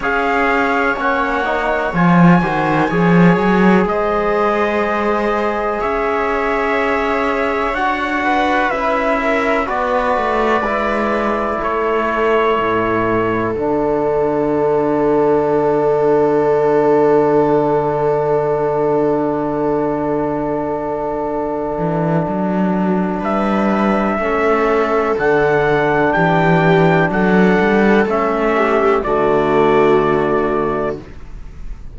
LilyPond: <<
  \new Staff \with { instrumentName = "trumpet" } { \time 4/4 \tempo 4 = 62 f''4 fis''4 gis''2 | dis''2 e''2 | fis''4 e''4 d''2 | cis''2 fis''2~ |
fis''1~ | fis''1 | e''2 fis''4 g''4 | fis''4 e''4 d''2 | }
  \new Staff \with { instrumentName = "viola" } { \time 4/4 cis''2~ cis''8 c''8 cis''4 | c''2 cis''2~ | cis''8 b'4 ais'8 b'2 | a'1~ |
a'1~ | a'1 | b'4 a'2 g'4 | a'4. g'8 fis'2 | }
  \new Staff \with { instrumentName = "trombone" } { \time 4/4 gis'4 cis'8 dis'8 f'8 fis'8 gis'4~ | gis'1 | fis'4 e'4 fis'4 e'4~ | e'2 d'2~ |
d'1~ | d'1~ | d'4 cis'4 d'2~ | d'4 cis'4 a2 | }
  \new Staff \with { instrumentName = "cello" } { \time 4/4 cis'4 ais4 f8 dis8 f8 fis8 | gis2 cis'2 | d'4 cis'4 b8 a8 gis4 | a4 a,4 d2~ |
d1~ | d2~ d8 e8 fis4 | g4 a4 d4 e4 | fis8 g8 a4 d2 | }
>>